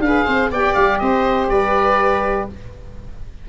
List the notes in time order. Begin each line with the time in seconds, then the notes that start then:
0.00 D4 G#4 B4 F5
0.26 C4 C5
0.51 B3 G4 D5 G5
0.75 G3 F5
0.99 C4 C5 D#5
1.48 G3 B4 D5